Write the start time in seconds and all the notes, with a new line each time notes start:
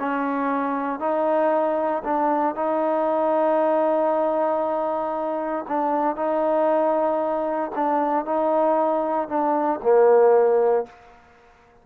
0.00 C#4
1.00 D#4
2.04 D4
2.56 D#4
5.68 D4
6.17 D#4
7.76 D4
8.26 D#4
9.29 D4
9.83 A#3